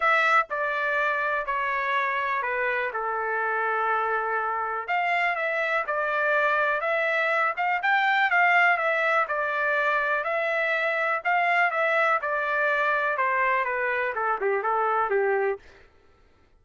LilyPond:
\new Staff \with { instrumentName = "trumpet" } { \time 4/4 \tempo 4 = 123 e''4 d''2 cis''4~ | cis''4 b'4 a'2~ | a'2 f''4 e''4 | d''2 e''4. f''8 |
g''4 f''4 e''4 d''4~ | d''4 e''2 f''4 | e''4 d''2 c''4 | b'4 a'8 g'8 a'4 g'4 | }